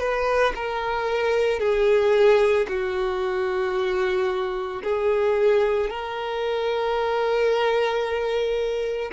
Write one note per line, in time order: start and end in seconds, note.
0.00 0.54 B4
0.56 1.60 A#4
1.60 2.67 G#4
2.69 4.83 F#4
4.84 5.90 G#4
5.90 9.12 A#4